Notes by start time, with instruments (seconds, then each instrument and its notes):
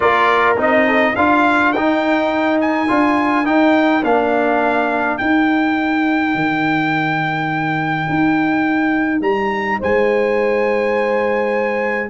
0.00 tuba A#3, trombone F4, horn A#4, trumpet D5
0.56 tuba C4, trombone D#4, trumpet D#5
0.87 horn A4
1.12 tuba D4, trombone F4, horn A#4, trumpet F5
1.72 tuba D#4, trombone D#4, trumpet G5
2.60 trumpet G#5
2.88 tuba D4, trombone F4
3.44 trombone D#4, tuba D#4, trumpet G5
4.03 tuba A#3, trombone D4, trumpet F5
5.17 trombone D#4, tuba D#4, trumpet G5
6.34 tuba D#3
8.09 tuba D#4
9.21 tuba G3, trumpet A#5
9.79 tuba G#3, horn C5, trumpet G#5